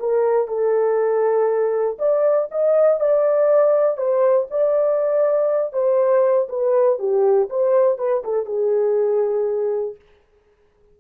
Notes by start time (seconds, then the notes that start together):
0.00 A#4
0.48 A4
1.99 D5
2.52 D#5
3.01 D5
3.98 C5
4.51 D5
5.73 C5
6.49 B4
6.99 G4
7.50 C5
7.99 B4
8.25 A4
8.46 G#4